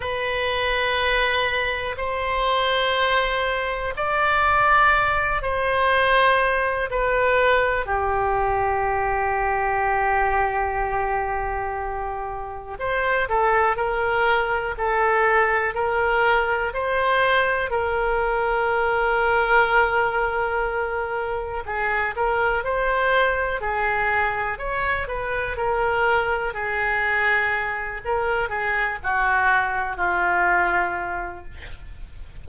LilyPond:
\new Staff \with { instrumentName = "oboe" } { \time 4/4 \tempo 4 = 61 b'2 c''2 | d''4. c''4. b'4 | g'1~ | g'4 c''8 a'8 ais'4 a'4 |
ais'4 c''4 ais'2~ | ais'2 gis'8 ais'8 c''4 | gis'4 cis''8 b'8 ais'4 gis'4~ | gis'8 ais'8 gis'8 fis'4 f'4. | }